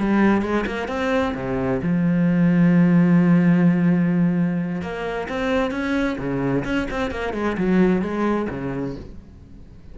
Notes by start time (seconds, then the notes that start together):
0.00 G3
0.42 G#3
0.67 A#3
0.88 C4
1.35 C3
1.83 F3
4.82 A#3
5.29 C4
5.71 C#4
6.19 C#3
6.65 C#4
6.91 C4
7.11 A#3
7.34 G#3
7.58 F#3
8.02 G#3
8.50 C#3